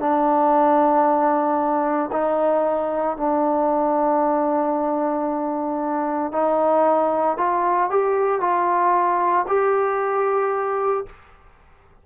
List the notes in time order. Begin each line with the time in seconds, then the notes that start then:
0.00 D4
2.12 D#4
3.17 D4
6.32 D#4
7.38 F4
7.90 G4
8.41 F4
9.48 G4